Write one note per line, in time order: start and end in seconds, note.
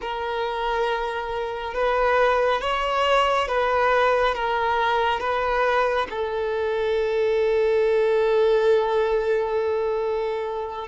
0.01 1.74 A#4
1.74 2.61 B4
2.61 3.48 C#5
3.48 4.34 B4
4.34 5.20 A#4
5.20 6.07 B4
6.10 10.87 A4